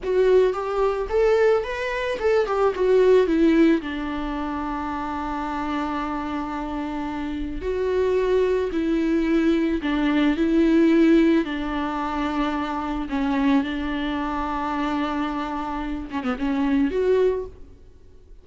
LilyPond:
\new Staff \with { instrumentName = "viola" } { \time 4/4 \tempo 4 = 110 fis'4 g'4 a'4 b'4 | a'8 g'8 fis'4 e'4 d'4~ | d'1~ | d'2 fis'2 |
e'2 d'4 e'4~ | e'4 d'2. | cis'4 d'2.~ | d'4. cis'16 b16 cis'4 fis'4 | }